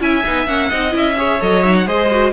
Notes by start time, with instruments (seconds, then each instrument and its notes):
0.00 cello C#4, viola E4, violin E5 G#5
0.25 cello B3, viola D#4
0.47 cello A#3, viola C#4, violin F#5
0.69 cello C4, viola D#4, violin D#5
0.91 cello C#4, viola E4
0.97 violin E5
1.17 viola G#4, violin C#5
1.40 cello F#3, viola A4, violin D#5
1.64 viola D#4, violin E5
1.76 violin F#5
1.86 cello G#3, viola G#4, violin C5 D#5
2.11 viola F#4